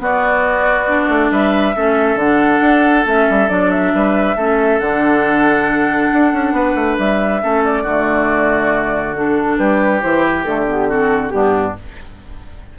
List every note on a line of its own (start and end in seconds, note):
0.00 0.87 B3
0.00 1.09 B3
0.00 1.32 F#4
0.00 1.32 D5
0.88 1.75 D4
1.09 1.31 A3
1.32 1.75 G3
1.32 1.76 B4
1.32 2.19 E5
1.76 2.16 A3
1.76 2.19 C#4
1.76 3.93 A4
2.16 2.59 D3
2.16 3.06 D4
2.16 3.06 F#5
2.62 3.05 D4
3.06 3.28 A3
3.06 3.49 C#4
3.06 3.49 E5
3.30 3.50 G3
3.49 3.94 F#3
3.49 4.36 D4
3.49 3.71 D5
3.71 4.80 E5
3.95 4.36 G3
3.95 4.37 B4
4.36 4.80 A3
4.36 4.82 C#4
4.36 6.54 A4
4.80 6.11 D3
4.80 7.42 D4
4.80 6.97 F#5
6.13 6.33 D4
6.33 6.52 C#4
6.52 6.74 B3
6.52 7.42 B4
6.75 6.97 A3
6.99 7.42 G3
6.99 7.64 E5
7.42 7.84 A3
7.42 7.86 C#4
7.42 7.83 A4
7.64 9.16 D5
7.83 9.58 D3
7.83 9.16 A3
7.83 9.57 F#4
9.16 10.02 D4
9.16 9.58 A4
9.58 10.03 G3
9.58 10.89 G4
9.58 10.01 B4
10.02 10.46 E3
10.02 10.45 E4
10.02 10.25 C5
10.25 10.44 B4
10.44 11.33 D3
10.44 10.67 A3
10.44 10.66 A4
10.67 10.89 B3
10.67 10.90 G4
10.89 11.31 C4
10.89 11.33 F#4
10.89 11.30 A4
11.30 11.77 G2
11.30 11.75 B3
11.30 11.79 D4
11.30 11.73 G4